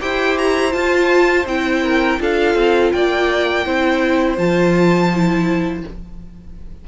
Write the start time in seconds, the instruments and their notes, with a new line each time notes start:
0.00 cello E4, viola G4, violin C5 G5
0.38 violin A#5
0.71 viola F4, cello F4, violin A5
1.45 cello C4, viola E4, violin G5
1.83 violin A#4
2.19 cello D4, viola F4, violin A4 F5
2.55 cello C4
2.92 cello A#3, violin D5 G5
3.65 cello C4, viola E4, violin C5
4.37 cello F3, viola F4, violin A5
5.14 viola E4